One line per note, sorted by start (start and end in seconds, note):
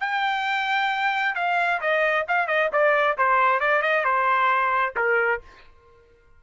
0.00 1.35 G5
1.35 1.80 F5
1.81 2.26 D#5
2.28 2.48 F5
2.48 2.70 D#5
2.73 3.18 D5
3.18 3.60 C5
3.60 3.82 D5
3.82 4.05 D#5
4.05 4.95 C5
4.96 5.41 A#4